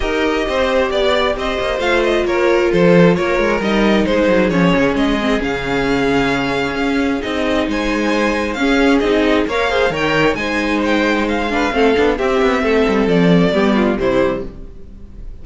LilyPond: <<
  \new Staff \with { instrumentName = "violin" } { \time 4/4 \tempo 4 = 133 dis''2 d''4 dis''4 | f''8 dis''8 cis''4 c''4 cis''4 | dis''4 c''4 cis''4 dis''4 | f''1 |
dis''4 gis''2 f''4 | dis''4 f''4 g''4 gis''4 | g''4 f''2 e''4~ | e''4 d''2 c''4 | }
  \new Staff \with { instrumentName = "violin" } { \time 4/4 ais'4 c''4 d''4 c''4~ | c''4 ais'4 a'4 ais'4~ | ais'4 gis'2.~ | gis'1~ |
gis'4 c''2 gis'4~ | gis'4 cis''8 c''8 cis''4 c''4~ | c''4. b'8 a'4 g'4 | a'2 g'8 f'8 e'4 | }
  \new Staff \with { instrumentName = "viola" } { \time 4/4 g'1 | f'1 | dis'2 cis'4. c'8 | cis'1 |
dis'2. cis'4 | dis'4 ais'8 gis'8 ais'4 dis'4~ | dis'4. d'8 c'8 d'8 c'4~ | c'2 b4 g4 | }
  \new Staff \with { instrumentName = "cello" } { \time 4/4 dis'4 c'4 b4 c'8 ais8 | a4 ais4 f4 ais8 gis8 | g4 gis8 fis8 f8 cis8 gis4 | cis2. cis'4 |
c'4 gis2 cis'4 | c'4 ais4 dis4 gis4~ | gis2 a8 b8 c'8 b8 | a8 g8 f4 g4 c4 | }
>>